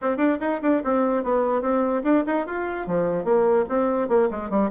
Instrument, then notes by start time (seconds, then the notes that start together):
bassoon
0.01 C4
0.17 D4
0.40 D#4
0.62 D4
0.83 C4
1.23 B3
1.61 C4
2.03 D4
2.26 D#4
2.46 F4
2.86 F3
3.24 A#3
3.68 C4
4.08 A#3
4.31 G#3
4.50 G3